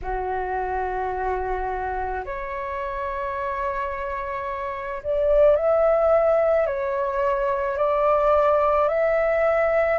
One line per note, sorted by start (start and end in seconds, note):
0.02 2.24 F#4
2.25 5.03 C#5
5.03 5.56 D5
5.56 6.66 E5
6.66 7.77 C#5
7.77 8.88 D5
8.88 9.98 E5